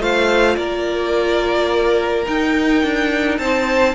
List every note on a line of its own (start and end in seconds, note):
0.00 0.57 A3
0.00 2.25 F4
0.00 0.58 C5
0.00 0.56 F5
0.56 2.27 A#3
0.56 3.39 A#4
0.56 2.25 D5
2.25 3.95 D#4
2.25 2.84 D#4
2.25 3.38 G5
2.84 3.39 D4
3.38 3.96 C4
3.38 3.96 C5
3.38 3.95 A5